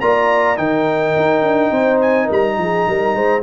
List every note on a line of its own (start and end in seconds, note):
0.00 0.58 A#3
0.00 0.56 F4
0.00 0.58 D5
0.00 0.57 A#5
0.56 1.15 D#3
0.56 3.42 D#4
0.56 1.71 A#4
0.56 2.00 G5
1.16 1.41 D#4
1.41 1.70 D4
1.71 2.28 C4
1.71 2.25 C5
2.00 2.29 G#5
2.25 2.57 G3
2.25 2.53 A#4
2.32 3.42 A#5
2.57 2.86 F3
2.57 2.88 G#4
2.87 3.14 G3
2.87 3.14 A#4
3.14 3.42 G#3
3.14 3.42 C5